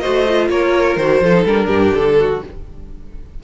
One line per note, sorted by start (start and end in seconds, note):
0.00 0.26 F#4
0.00 0.49 C5
0.00 0.48 D#5
0.07 0.49 A3
0.29 1.00 F4
0.49 0.97 A#3
0.49 1.23 A#4
0.49 0.97 C#5
0.97 1.21 D#3
0.97 1.24 F#4
0.97 1.44 C5
1.21 1.45 F3
1.21 1.35 F4
1.21 1.67 A4
1.35 1.47 D#4
1.45 1.68 G3
1.45 2.42 D4
1.45 1.94 A#4
1.67 1.92 G2
1.67 2.15 G4
1.94 2.43 D3
1.94 2.42 A4
2.20 2.43 F#4